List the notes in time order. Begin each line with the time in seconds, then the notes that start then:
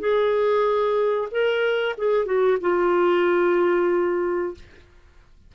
0.00 G#4
1.31 A#4
1.98 G#4
2.26 F#4
2.61 F4